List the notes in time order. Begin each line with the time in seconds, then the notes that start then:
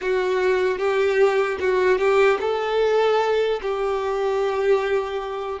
0.01 F#4
0.78 G4
1.60 F#4
1.98 G4
2.40 A4
3.61 G4